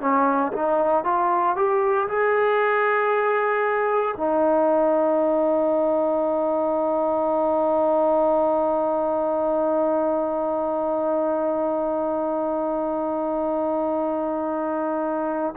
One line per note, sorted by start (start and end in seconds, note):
0.00 0.52 C#4
0.53 1.04 D#4
1.04 1.56 F4
1.56 2.07 G4
2.08 4.15 G#4
4.17 15.55 D#4